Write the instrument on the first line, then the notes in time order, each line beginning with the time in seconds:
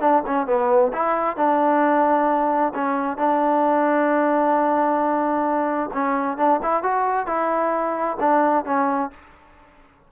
trombone
0.00 D4
0.26 C#4
0.46 B3
0.93 E4
1.36 D4
2.74 C#4
3.17 D4
5.93 C#4
6.37 D4
6.62 E4
6.83 F#4
7.26 E4
8.19 D4
8.65 C#4